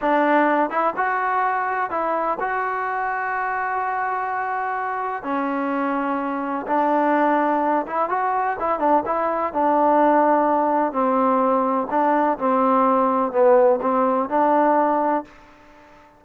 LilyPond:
\new Staff \with { instrumentName = "trombone" } { \time 4/4 \tempo 4 = 126 d'4. e'8 fis'2 | e'4 fis'2.~ | fis'2. cis'4~ | cis'2 d'2~ |
d'8 e'8 fis'4 e'8 d'8 e'4 | d'2. c'4~ | c'4 d'4 c'2 | b4 c'4 d'2 | }